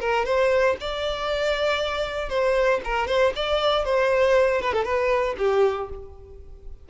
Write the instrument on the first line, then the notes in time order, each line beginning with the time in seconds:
violin
0.00 A#4
0.25 C5
0.80 D5
2.29 C5
2.84 A#4
3.07 C5
3.36 D5
3.85 C5
4.62 B4
4.73 A4
4.85 B4
5.38 G4